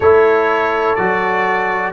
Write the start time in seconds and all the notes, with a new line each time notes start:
0.00 A3 E4 A4 C#5
0.95 F#3 F#4 D5